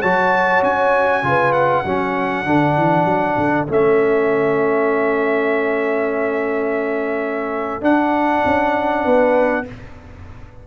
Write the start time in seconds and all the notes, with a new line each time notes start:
0.00 F#3 F#4 C#5 A5
0.63 C#4 G#5
1.23 C#3 F4 B4
1.53 F#5
1.85 F#3 C#4 A4
2.45 D3 D4
2.77 E3
3.05 F#3
3.37 D3
3.68 A3 C#4 E5
7.82 D4 F#5
8.45 C#4
9.05 B3 B4